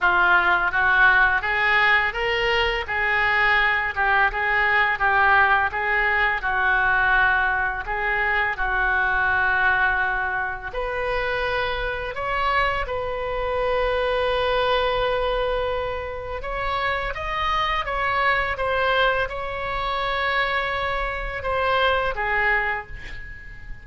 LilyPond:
\new Staff \with { instrumentName = "oboe" } { \time 4/4 \tempo 4 = 84 f'4 fis'4 gis'4 ais'4 | gis'4. g'8 gis'4 g'4 | gis'4 fis'2 gis'4 | fis'2. b'4~ |
b'4 cis''4 b'2~ | b'2. cis''4 | dis''4 cis''4 c''4 cis''4~ | cis''2 c''4 gis'4 | }